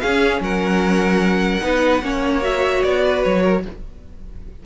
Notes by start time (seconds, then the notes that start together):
0.00 C#4 G#4 F5
0.41 F#3 A#4 F#5
1.61 B3 D#4 B4
2.02 A#3 C#4 C#5
2.42 F#4 E5
2.84 B3 D5
3.05 B4
3.24 F#3 C#5
3.43 A#4